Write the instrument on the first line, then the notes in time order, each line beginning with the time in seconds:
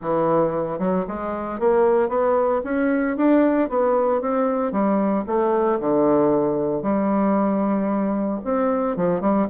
bassoon
0.01 E3
0.78 F#3
1.07 G#3
1.59 A#3
2.08 B3
2.64 C#4
3.16 D4
3.69 B3
4.21 C4
4.72 G3
5.27 A3
5.80 D3
6.82 G3
8.44 C4
8.96 F3
9.20 G3